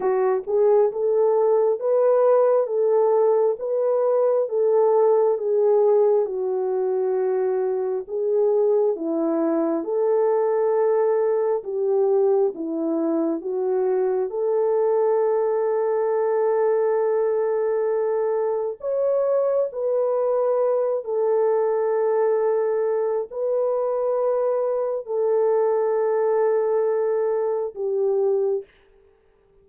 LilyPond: \new Staff \with { instrumentName = "horn" } { \time 4/4 \tempo 4 = 67 fis'8 gis'8 a'4 b'4 a'4 | b'4 a'4 gis'4 fis'4~ | fis'4 gis'4 e'4 a'4~ | a'4 g'4 e'4 fis'4 |
a'1~ | a'4 cis''4 b'4. a'8~ | a'2 b'2 | a'2. g'4 | }